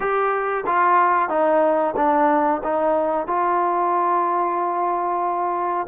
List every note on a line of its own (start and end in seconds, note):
0.00 0.64 G4
0.66 1.29 F4
1.29 1.94 D#4
1.96 2.61 D4
2.63 3.26 D#4
3.26 5.87 F4